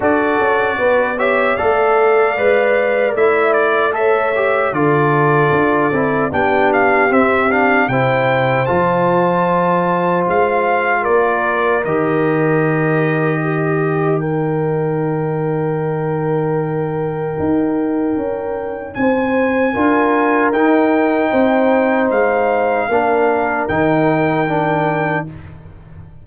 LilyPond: <<
  \new Staff \with { instrumentName = "trumpet" } { \time 4/4 \tempo 4 = 76 d''4. e''8 f''2 | e''8 d''8 e''4 d''2 | g''8 f''8 e''8 f''8 g''4 a''4~ | a''4 f''4 d''4 dis''4~ |
dis''2 g''2~ | g''1 | gis''2 g''2 | f''2 g''2 | }
  \new Staff \with { instrumentName = "horn" } { \time 4/4 a'4 b'8 cis''8 d''2~ | d''4 cis''4 a'2 | g'2 c''2~ | c''2 ais'2~ |
ais'4 g'4 ais'2~ | ais'1 | c''4 ais'2 c''4~ | c''4 ais'2. | }
  \new Staff \with { instrumentName = "trombone" } { \time 4/4 fis'4. g'8 a'4 b'4 | e'4 a'8 g'8 f'4. e'8 | d'4 c'8 d'8 e'4 f'4~ | f'2. g'4~ |
g'2 dis'2~ | dis'1~ | dis'4 f'4 dis'2~ | dis'4 d'4 dis'4 d'4 | }
  \new Staff \with { instrumentName = "tuba" } { \time 4/4 d'8 cis'8 b4 a4 gis4 | a2 d4 d'8 c'8 | b4 c'4 c4 f4~ | f4 gis4 ais4 dis4~ |
dis1~ | dis2 dis'4 cis'4 | c'4 d'4 dis'4 c'4 | gis4 ais4 dis2 | }
>>